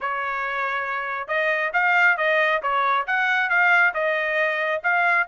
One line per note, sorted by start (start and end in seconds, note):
0.00 1.27 C#5
1.27 1.71 D#5
1.73 2.17 F5
2.17 2.61 D#5
2.62 3.06 C#5
3.07 3.49 F#5
3.49 3.93 F5
3.94 4.81 D#5
4.83 5.27 F5